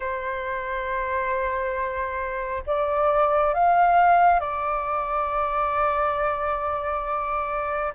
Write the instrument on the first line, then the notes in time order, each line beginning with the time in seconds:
flute
0.00 C5
2.66 D5
3.53 F5
4.40 D5